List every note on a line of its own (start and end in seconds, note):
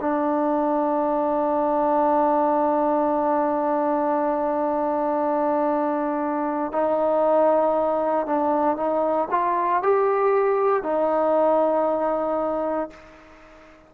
0.00 6.72 D4
6.72 8.26 D#4
8.26 8.76 D4
8.76 9.28 D#4
9.31 9.82 F4
9.82 10.83 G4
10.83 12.90 D#4